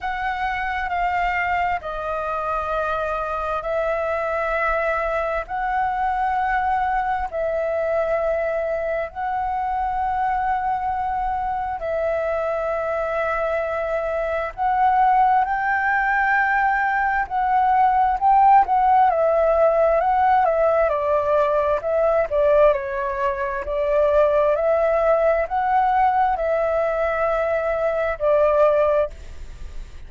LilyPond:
\new Staff \with { instrumentName = "flute" } { \time 4/4 \tempo 4 = 66 fis''4 f''4 dis''2 | e''2 fis''2 | e''2 fis''2~ | fis''4 e''2. |
fis''4 g''2 fis''4 | g''8 fis''8 e''4 fis''8 e''8 d''4 | e''8 d''8 cis''4 d''4 e''4 | fis''4 e''2 d''4 | }